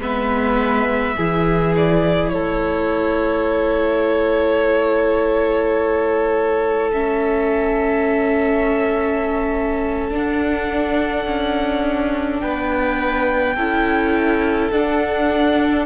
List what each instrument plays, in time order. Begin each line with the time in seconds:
0.00 cello G#3, viola B3, violin B4 E5
1.16 cello E3, viola E4, violin G#4
1.76 violin D5
2.30 cello A3, violin A4 C#5
6.93 viola C#4, violin E5
10.10 viola D4, cello D4, violin F#5
11.26 cello C#4
12.40 cello B3, violin B4 G5
13.55 cello C#4, viola E4, violin A4
14.71 cello D4, viola D4, violin F#5